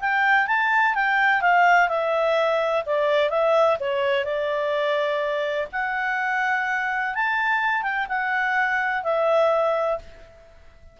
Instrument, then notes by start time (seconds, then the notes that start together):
clarinet
0.00 G5
0.47 A5
0.94 G5
1.41 F5
1.88 E5
2.85 D5
3.30 E5
3.80 C#5
4.24 D5
5.72 F#5
7.14 A5
7.82 G5
8.08 F#5
9.03 E5